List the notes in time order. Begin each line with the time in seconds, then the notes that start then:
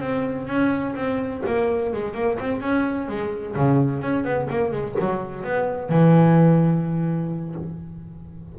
0.00 C4
0.47 C#4
0.95 C4
1.46 A#3
1.93 G#3
2.14 A#3
2.39 C4
2.61 C#4
3.08 G#3
3.55 C#3
4.01 C#4
4.24 B3
4.50 A#3
4.72 G#3
4.99 F#3
5.43 B3
5.89 E3